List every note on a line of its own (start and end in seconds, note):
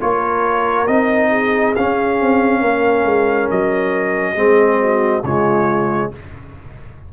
0.00 0.87 A#3
0.00 0.87 F4
0.00 1.29 A#4
0.00 0.87 C#5
0.87 1.74 C4
0.87 1.75 D#4
0.87 1.74 D#5
1.29 2.60 G#4
1.76 4.36 C#4
1.76 2.21 C#4
1.76 3.50 F5
2.21 2.61 C4
2.60 3.04 A#3
2.60 4.34 A#4
3.04 3.48 G#3
3.50 4.35 F#3
3.50 5.24 D#5
4.35 5.22 G#3
4.35 5.23 C4
4.35 4.81 G#4
4.81 5.23 F#4
5.23 6.10 C#3
5.23 6.12 G#3
5.23 6.10 F4
5.23 6.11 C#5